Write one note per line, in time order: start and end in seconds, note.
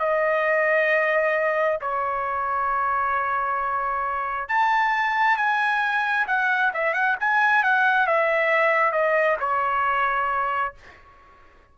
0.00 1.79 D#5
1.81 4.49 C#5
4.49 5.37 A5
5.37 6.26 G#5
6.27 6.72 F#5
6.74 6.94 E5
6.94 7.16 F#5
7.20 7.63 G#5
7.63 8.07 F#5
8.07 8.92 E5
8.92 9.37 D#5
9.40 10.75 C#5